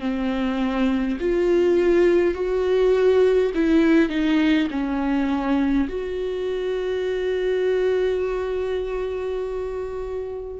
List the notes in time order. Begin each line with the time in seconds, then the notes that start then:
0.00 C4
1.20 F4
2.34 F#4
3.54 E4
4.09 D#4
4.70 C#4
5.89 F#4